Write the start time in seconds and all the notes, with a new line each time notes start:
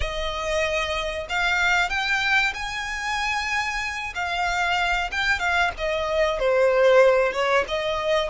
0.00 D#5
1.29 F5
1.89 G5
2.54 G#5
4.14 F5
5.11 G5
5.39 F5
5.77 D#5
6.39 C5
7.32 C#5
7.67 D#5